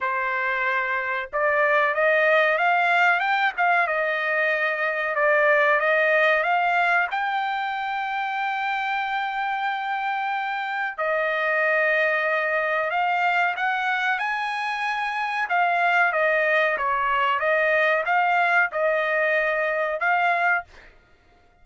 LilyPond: \new Staff \with { instrumentName = "trumpet" } { \time 4/4 \tempo 4 = 93 c''2 d''4 dis''4 | f''4 g''8 f''8 dis''2 | d''4 dis''4 f''4 g''4~ | g''1~ |
g''4 dis''2. | f''4 fis''4 gis''2 | f''4 dis''4 cis''4 dis''4 | f''4 dis''2 f''4 | }